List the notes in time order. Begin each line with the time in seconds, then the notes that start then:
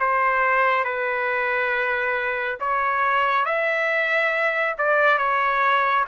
0.00 C5
0.85 B4
2.60 C#5
3.45 E5
4.78 D5
5.18 C#5